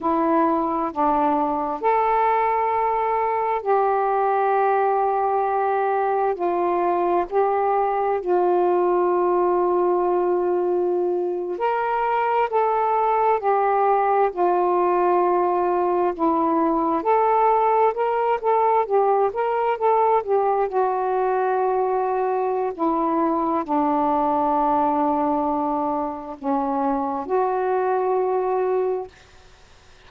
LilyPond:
\new Staff \with { instrumentName = "saxophone" } { \time 4/4 \tempo 4 = 66 e'4 d'4 a'2 | g'2. f'4 | g'4 f'2.~ | f'8. ais'4 a'4 g'4 f'16~ |
f'4.~ f'16 e'4 a'4 ais'16~ | ais'16 a'8 g'8 ais'8 a'8 g'8 fis'4~ fis'16~ | fis'4 e'4 d'2~ | d'4 cis'4 fis'2 | }